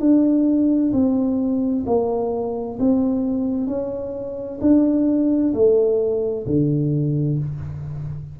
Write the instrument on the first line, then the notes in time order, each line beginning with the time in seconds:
tuba
0.00 D4
0.92 C4
1.86 A#3
2.79 C4
3.67 C#4
4.61 D4
5.54 A3
6.47 D3